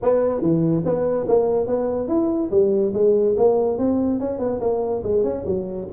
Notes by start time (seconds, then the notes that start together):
0.02 B3
0.41 E3
0.85 B3
1.28 A#3
1.66 B3
2.08 E4
2.50 G3
2.93 G#3
3.37 A#3
3.78 C4
4.19 C#4
4.38 B3
4.60 A#3
5.03 G#3
5.23 C#4
5.45 F#3